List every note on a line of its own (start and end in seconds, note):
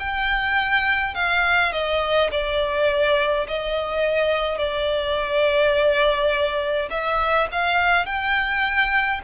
0.00 1.15 G5
1.15 1.73 F5
1.73 2.31 D#5
2.32 3.47 D5
3.48 4.58 D#5
4.58 6.89 D5
6.91 7.48 E5
7.52 8.06 F5
8.06 9.22 G5